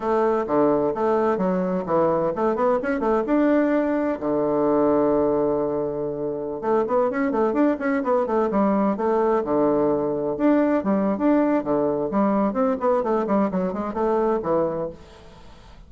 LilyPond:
\new Staff \with { instrumentName = "bassoon" } { \time 4/4 \tempo 4 = 129 a4 d4 a4 fis4 | e4 a8 b8 cis'8 a8 d'4~ | d'4 d2.~ | d2~ d16 a8 b8 cis'8 a16~ |
a16 d'8 cis'8 b8 a8 g4 a8.~ | a16 d2 d'4 g8. | d'4 d4 g4 c'8 b8 | a8 g8 fis8 gis8 a4 e4 | }